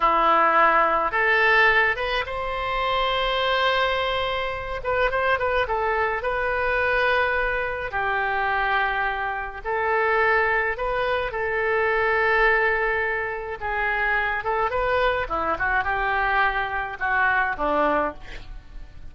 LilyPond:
\new Staff \with { instrumentName = "oboe" } { \time 4/4 \tempo 4 = 106 e'2 a'4. b'8 | c''1~ | c''8 b'8 c''8 b'8 a'4 b'4~ | b'2 g'2~ |
g'4 a'2 b'4 | a'1 | gis'4. a'8 b'4 e'8 fis'8 | g'2 fis'4 d'4 | }